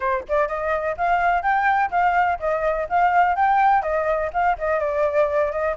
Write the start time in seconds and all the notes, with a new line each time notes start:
0.00 C5
0.28 D5
0.48 D#5
0.97 F5
1.42 G5
1.90 F5
2.39 D#5
2.89 F5
3.35 G5
3.82 D#5
4.33 F5
4.58 D#5
4.79 D5
5.51 D#5